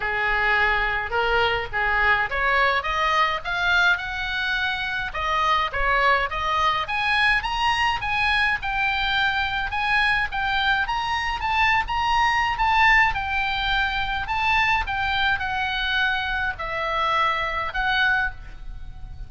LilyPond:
\new Staff \with { instrumentName = "oboe" } { \time 4/4 \tempo 4 = 105 gis'2 ais'4 gis'4 | cis''4 dis''4 f''4 fis''4~ | fis''4 dis''4 cis''4 dis''4 | gis''4 ais''4 gis''4 g''4~ |
g''4 gis''4 g''4 ais''4 | a''8. ais''4~ ais''16 a''4 g''4~ | g''4 a''4 g''4 fis''4~ | fis''4 e''2 fis''4 | }